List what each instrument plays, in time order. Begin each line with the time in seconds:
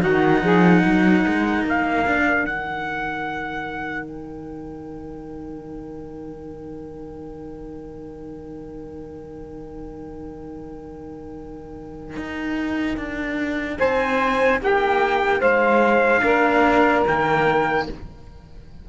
0.00 cello D#3 D#4, saxophone F#4, trumpet F#5
0.42 cello F3, saxophone G#4
0.82 cello F#3, saxophone A#4
1.25 cello G#3
1.64 cello A#3, trumpet F5
2.06 cello D4
2.44 cello D#3 D#4, trumpet F#5
4.07 trumpet G5
12.17 cello D#4
12.97 cello D4
13.79 cello C4, saxophone C5, trumpet G#5
14.61 cello A#3, saxophone G4, trumpet G5
15.40 cello G#3, saxophone C5, trumpet F5
16.23 cello A#3 D4, saxophone A#4
17.06 cello D#3 A#3, trumpet G5